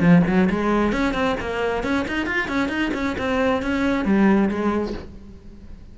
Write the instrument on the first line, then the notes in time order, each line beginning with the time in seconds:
cello
0.00 F3
0.27 F#3
0.50 G#3
0.92 C#4
1.14 C4
1.40 A#3
1.83 C#4
2.08 D#4
2.26 F4
2.48 C#4
2.69 D#4
2.94 C#4
3.18 C4
3.62 C#4
4.05 G3
4.49 G#3